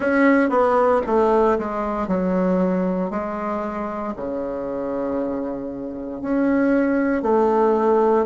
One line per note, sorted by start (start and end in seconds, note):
0.00 0.49 C#4
0.49 1.01 B3
1.06 1.58 A3
1.58 2.07 G#3
2.07 3.10 F#3
3.10 4.14 G#3
4.16 6.21 C#3
6.21 7.22 C#4
7.22 8.25 A3